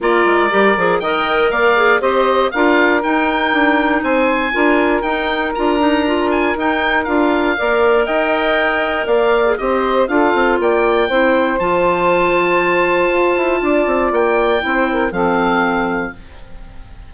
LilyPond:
<<
  \new Staff \with { instrumentName = "oboe" } { \time 4/4 \tempo 4 = 119 d''2 g''4 f''4 | dis''4 f''4 g''2 | gis''2 g''4 ais''4~ | ais''8 gis''8 g''4 f''2 |
g''2 f''4 dis''4 | f''4 g''2 a''4~ | a''1 | g''2 f''2 | }
  \new Staff \with { instrumentName = "saxophone" } { \time 4/4 ais'2 dis''4 d''4 | c''4 ais'2. | c''4 ais'2.~ | ais'2. d''4 |
dis''2 d''4 c''4 | a'4 d''4 c''2~ | c''2. d''4~ | d''4 c''8 ais'8 a'2 | }
  \new Staff \with { instrumentName = "clarinet" } { \time 4/4 f'4 g'8 gis'8 ais'4. gis'8 | g'4 f'4 dis'2~ | dis'4 f'4 dis'4 f'8 dis'8 | f'4 dis'4 f'4 ais'4~ |
ais'2~ ais'8. gis'16 g'4 | f'2 e'4 f'4~ | f'1~ | f'4 e'4 c'2 | }
  \new Staff \with { instrumentName = "bassoon" } { \time 4/4 ais8 gis8 g8 f8 dis4 ais4 | c'4 d'4 dis'4 d'4 | c'4 d'4 dis'4 d'4~ | d'4 dis'4 d'4 ais4 |
dis'2 ais4 c'4 | d'8 c'8 ais4 c'4 f4~ | f2 f'8 e'8 d'8 c'8 | ais4 c'4 f2 | }
>>